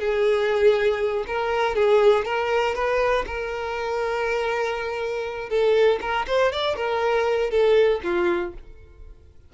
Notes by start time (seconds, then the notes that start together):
0.00 G#4
1.27 A#4
1.75 G#4
2.25 A#4
2.75 B4
3.27 A#4
5.49 A4
6.01 A#4
6.27 C5
6.52 D5
6.76 A#4
7.50 A4
8.03 F4